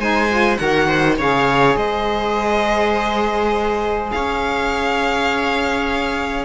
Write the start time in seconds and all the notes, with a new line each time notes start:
0.00 G#3 D#4 C5 G#5
0.30 F4
0.57 D#3 F#4 A#4 F#5
0.88 C5
1.18 C#3 G#4 C#5 F5
1.76 G#3 C5 D#5
4.11 C#4 C#5 F5